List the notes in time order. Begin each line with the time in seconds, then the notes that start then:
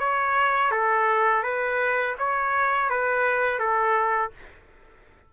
0.00 C#5
0.72 A4
1.44 B4
2.19 C#5
2.90 B4
3.59 A4